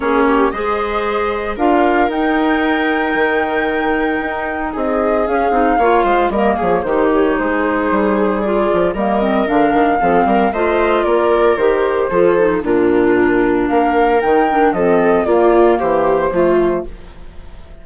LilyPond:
<<
  \new Staff \with { instrumentName = "flute" } { \time 4/4 \tempo 4 = 114 cis''4 dis''2 f''4 | g''1~ | g''4 dis''4 f''2 | dis''8 cis''8 c''8 cis''8 c''2 |
d''4 dis''4 f''2 | dis''4 d''4 c''2 | ais'2 f''4 g''4 | dis''4 d''4 c''2 | }
  \new Staff \with { instrumentName = "viola" } { \time 4/4 gis'8 g'8 c''2 ais'4~ | ais'1~ | ais'4 gis'2 cis''8 c''8 | ais'8 gis'8 g'4 gis'2~ |
gis'4 ais'2 a'8 ais'8 | c''4 ais'2 a'4 | f'2 ais'2 | a'4 f'4 g'4 f'4 | }
  \new Staff \with { instrumentName = "clarinet" } { \time 4/4 cis'4 gis'2 f'4 | dis'1~ | dis'2 cis'8 dis'8 f'4 | ais4 dis'2. |
f'4 ais8 c'8 d'4 c'4 | f'2 g'4 f'8 dis'8 | d'2. dis'8 d'8 | c'4 ais2 a4 | }
  \new Staff \with { instrumentName = "bassoon" } { \time 4/4 ais4 gis2 d'4 | dis'2 dis2 | dis'4 c'4 cis'8 c'8 ais8 gis8 | g8 f8 dis4 gis4 g4~ |
g8 f8 g4 d8 dis8 f8 g8 | a4 ais4 dis4 f4 | ais,2 ais4 dis4 | f4 ais4 e4 f4 | }
>>